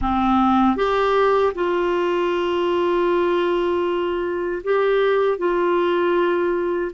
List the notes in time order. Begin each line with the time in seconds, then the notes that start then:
0.01 C4
0.76 G4
1.54 F4
4.63 G4
5.37 F4